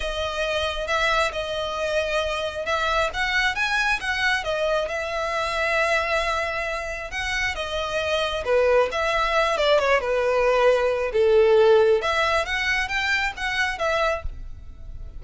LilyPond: \new Staff \with { instrumentName = "violin" } { \time 4/4 \tempo 4 = 135 dis''2 e''4 dis''4~ | dis''2 e''4 fis''4 | gis''4 fis''4 dis''4 e''4~ | e''1 |
fis''4 dis''2 b'4 | e''4. d''8 cis''8 b'4.~ | b'4 a'2 e''4 | fis''4 g''4 fis''4 e''4 | }